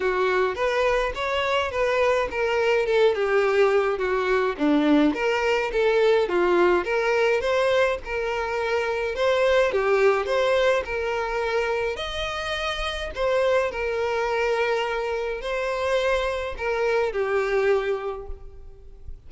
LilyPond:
\new Staff \with { instrumentName = "violin" } { \time 4/4 \tempo 4 = 105 fis'4 b'4 cis''4 b'4 | ais'4 a'8 g'4. fis'4 | d'4 ais'4 a'4 f'4 | ais'4 c''4 ais'2 |
c''4 g'4 c''4 ais'4~ | ais'4 dis''2 c''4 | ais'2. c''4~ | c''4 ais'4 g'2 | }